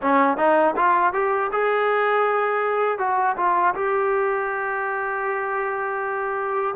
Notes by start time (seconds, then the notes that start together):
0.02 C#4
0.37 D#4
0.76 F4
1.13 G4
1.52 G#4
2.98 F#4
3.36 F4
3.74 G4